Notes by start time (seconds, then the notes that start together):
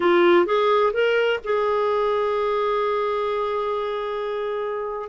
0.00 F4
0.46 G#4
0.93 A#4
1.44 G#4